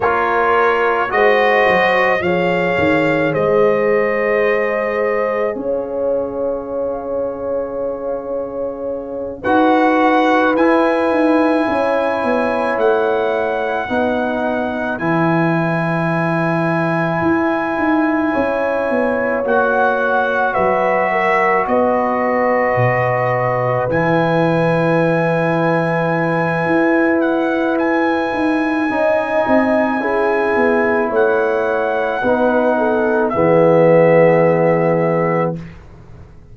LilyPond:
<<
  \new Staff \with { instrumentName = "trumpet" } { \time 4/4 \tempo 4 = 54 cis''4 dis''4 f''4 dis''4~ | dis''4 f''2.~ | f''8 fis''4 gis''2 fis''8~ | fis''4. gis''2~ gis''8~ |
gis''4. fis''4 e''4 dis''8~ | dis''4. gis''2~ gis''8~ | gis''8 fis''8 gis''2. | fis''2 e''2 | }
  \new Staff \with { instrumentName = "horn" } { \time 4/4 ais'4 c''4 cis''4 c''4~ | c''4 cis''2.~ | cis''8 b'2 cis''4.~ | cis''8 b'2.~ b'8~ |
b'8 cis''2 b'8 ais'8 b'8~ | b'1~ | b'2 dis''4 gis'4 | cis''4 b'8 a'8 gis'2 | }
  \new Staff \with { instrumentName = "trombone" } { \time 4/4 f'4 fis'4 gis'2~ | gis'1~ | gis'8 fis'4 e'2~ e'8~ | e'8 dis'4 e'2~ e'8~ |
e'4. fis'2~ fis'8~ | fis'4. e'2~ e'8~ | e'2 dis'4 e'4~ | e'4 dis'4 b2 | }
  \new Staff \with { instrumentName = "tuba" } { \time 4/4 ais4 gis8 fis8 f8 dis8 gis4~ | gis4 cis'2.~ | cis'8 dis'4 e'8 dis'8 cis'8 b8 a8~ | a8 b4 e2 e'8 |
dis'8 cis'8 b8 ais4 fis4 b8~ | b8 b,4 e2~ e8 | e'4. dis'8 cis'8 c'8 cis'8 b8 | a4 b4 e2 | }
>>